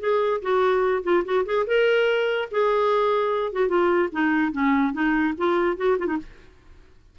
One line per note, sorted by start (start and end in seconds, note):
0.00 0.41 G#4
0.42 1.03 F#4
1.03 1.23 F4
1.25 1.45 F#4
1.46 1.66 G#4
1.66 2.49 A#4
2.51 3.52 G#4
3.52 3.68 F#4
3.68 4.09 F4
4.12 4.52 D#4
4.52 4.93 C#4
4.93 5.34 D#4
5.37 5.77 F4
5.77 5.97 F#4
5.99 6.07 F4
6.07 6.17 D#4